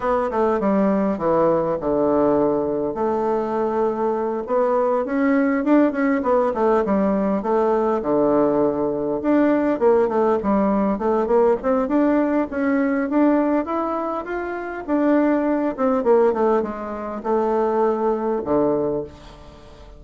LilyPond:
\new Staff \with { instrumentName = "bassoon" } { \time 4/4 \tempo 4 = 101 b8 a8 g4 e4 d4~ | d4 a2~ a8 b8~ | b8 cis'4 d'8 cis'8 b8 a8 g8~ | g8 a4 d2 d'8~ |
d'8 ais8 a8 g4 a8 ais8 c'8 | d'4 cis'4 d'4 e'4 | f'4 d'4. c'8 ais8 a8 | gis4 a2 d4 | }